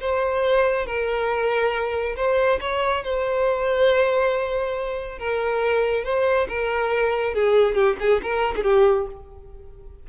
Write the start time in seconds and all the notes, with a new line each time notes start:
0.00 C5
0.86 A#4
2.16 C5
2.60 C#5
3.03 C5
5.18 A#4
6.04 C5
6.48 A#4
7.34 G#4
7.74 G4
7.99 G#4
8.22 A#4
8.55 G#4
8.63 G4